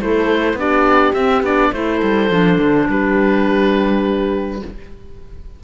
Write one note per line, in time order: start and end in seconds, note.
0.00 0.54 A3
0.00 0.57 E4
0.00 0.58 A4
0.00 0.59 C5
0.54 1.11 B3
0.54 1.14 D4
0.54 1.71 G4
0.54 1.13 D5
1.13 1.44 C4
1.13 1.43 C4
1.13 1.42 E5
1.43 1.71 B3
1.43 1.73 D4
1.43 1.74 D5
1.71 2.01 A3
1.71 2.30 E4
1.71 2.86 A4
1.71 2.89 C5
2.03 2.31 G3
2.30 2.58 F3
2.30 4.61 D4
2.58 2.87 D3
2.89 4.62 G3
2.89 4.63 G4
2.89 4.64 B4